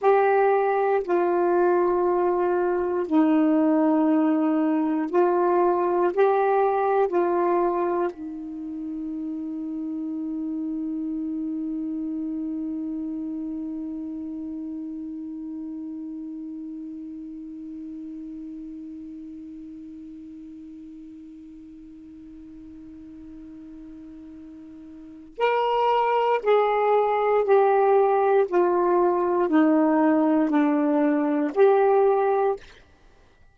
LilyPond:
\new Staff \with { instrumentName = "saxophone" } { \time 4/4 \tempo 4 = 59 g'4 f'2 dis'4~ | dis'4 f'4 g'4 f'4 | dis'1~ | dis'1~ |
dis'1~ | dis'1~ | dis'4 ais'4 gis'4 g'4 | f'4 dis'4 d'4 g'4 | }